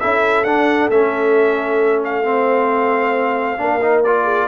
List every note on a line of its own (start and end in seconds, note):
0.00 0.44 C#4
0.00 0.45 E4
0.00 2.25 A4
0.00 0.44 E5
0.44 0.89 D4
0.44 0.91 D4
0.44 0.89 F#5
0.89 3.58 A3
0.89 2.24 C#4
0.89 2.02 E5
2.04 4.04 F5
2.24 3.58 C4
2.24 3.58 C5
3.58 4.48 A#3
3.58 3.80 D4
3.58 4.24 A#4
3.81 4.04 D#4
4.04 4.48 F4
4.04 4.48 D5
4.24 4.46 G#4